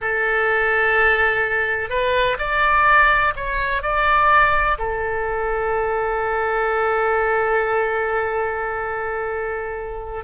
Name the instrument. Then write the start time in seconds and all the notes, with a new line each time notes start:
oboe
0.01 A4
1.89 B4
2.38 D5
3.36 C#5
3.82 D5
4.78 A4